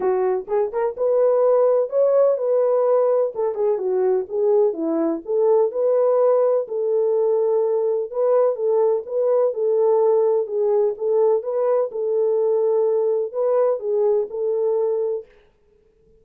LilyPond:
\new Staff \with { instrumentName = "horn" } { \time 4/4 \tempo 4 = 126 fis'4 gis'8 ais'8 b'2 | cis''4 b'2 a'8 gis'8 | fis'4 gis'4 e'4 a'4 | b'2 a'2~ |
a'4 b'4 a'4 b'4 | a'2 gis'4 a'4 | b'4 a'2. | b'4 gis'4 a'2 | }